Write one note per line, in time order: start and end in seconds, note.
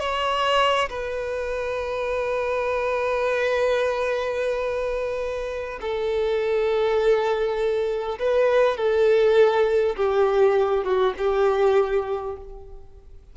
0.00 0.89 C#5
0.90 5.80 B4
5.81 8.19 A4
8.19 8.77 B4
8.77 9.96 A4
9.97 10.84 G4
10.84 11.14 F#4
11.18 12.37 G4